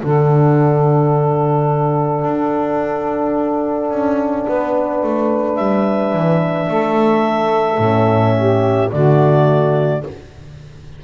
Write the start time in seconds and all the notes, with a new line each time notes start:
0.00 D3 D4 A4 F#5
2.24 D4
3.90 C#4
4.46 B3 B4
5.02 A3
5.55 G3 E5
6.12 E3
6.68 A3 A4
7.78 A2 C#4
8.36 G4
8.91 D3 A3 F#4 D5